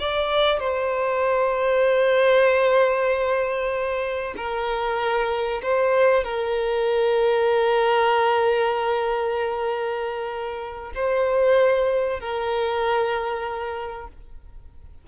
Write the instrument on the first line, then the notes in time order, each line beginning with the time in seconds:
violin
0.00 D5
0.60 C5
4.37 A#4
5.63 C5
6.24 A#4
10.95 C5
12.20 A#4